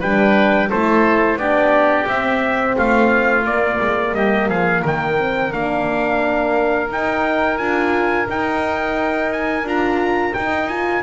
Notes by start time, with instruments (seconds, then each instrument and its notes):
0.00 double bass G3, horn D4, oboe B4, trumpet G5
0.69 double bass A3, horn E4, oboe A4, trumpet C5
1.37 double bass B3, horn D4, oboe G4, trumpet D5
2.06 horn C4, double bass C4, trumpet E5
2.76 double bass A3, oboe F4, trumpet F5
3.45 horn A#3, double bass A#3, trumpet D5
3.80 double bass G#3
4.14 double bass G3, oboe G4, trumpet D#5
4.48 double bass F3, oboe G#4, trumpet F5
4.82 double bass D#3, oboe A#4, trumpet G5
5.18 horn C4
5.52 double bass A#3, horn D4, trumpet F5
6.89 horn D#4, double bass D#4, trumpet G5
7.58 double bass D4, horn F4, trumpet G#5
8.29 double bass D#4, horn D#4, trumpet G5
9.32 trumpet G#5
9.64 double bass D4, horn F4, trumpet A#5
10.34 double bass D#4, horn D#4, trumpet G5
10.68 horn F4, trumpet G#5